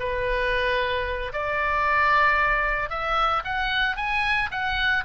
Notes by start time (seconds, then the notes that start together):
0.00 B4
1.33 D5
2.90 E5
3.45 F#5
3.97 G#5
4.51 F#5